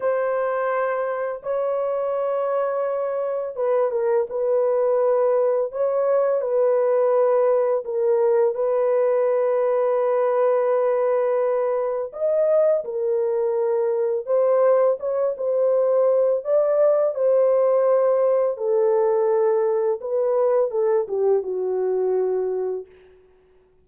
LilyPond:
\new Staff \with { instrumentName = "horn" } { \time 4/4 \tempo 4 = 84 c''2 cis''2~ | cis''4 b'8 ais'8 b'2 | cis''4 b'2 ais'4 | b'1~ |
b'4 dis''4 ais'2 | c''4 cis''8 c''4. d''4 | c''2 a'2 | b'4 a'8 g'8 fis'2 | }